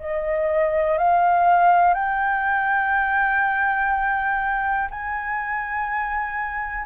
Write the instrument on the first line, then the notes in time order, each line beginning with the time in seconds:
flute
0.00 D#5
0.98 F5
1.94 G5
4.91 G#5